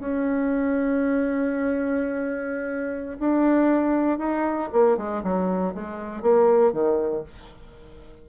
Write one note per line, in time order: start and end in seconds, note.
0.00 3.18 C#4
3.20 4.18 D4
4.18 4.69 D#4
4.73 4.98 A#3
4.98 5.23 G#3
5.23 5.74 F#3
5.75 6.22 G#3
6.22 6.73 A#3
6.73 7.24 D#3